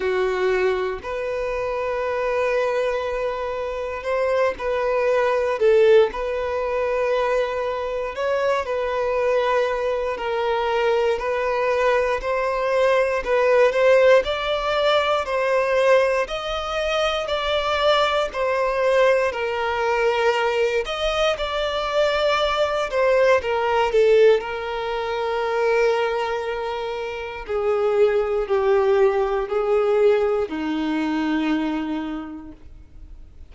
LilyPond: \new Staff \with { instrumentName = "violin" } { \time 4/4 \tempo 4 = 59 fis'4 b'2. | c''8 b'4 a'8 b'2 | cis''8 b'4. ais'4 b'4 | c''4 b'8 c''8 d''4 c''4 |
dis''4 d''4 c''4 ais'4~ | ais'8 dis''8 d''4. c''8 ais'8 a'8 | ais'2. gis'4 | g'4 gis'4 dis'2 | }